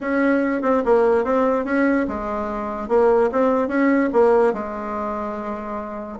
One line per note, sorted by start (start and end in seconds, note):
0.00 0.62 C#4
0.62 0.82 C4
0.85 1.24 A#3
1.24 1.65 C4
1.65 2.06 C#4
2.08 2.88 G#3
2.88 3.30 A#3
3.32 3.68 C4
3.68 4.09 C#4
4.12 4.53 A#3
4.53 6.18 G#3